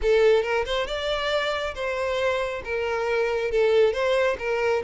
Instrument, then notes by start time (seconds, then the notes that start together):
violin
0.02 A4
0.42 A#4
0.65 C5
0.86 D5
1.74 C5
2.64 A#4
3.51 A4
3.93 C5
4.39 A#4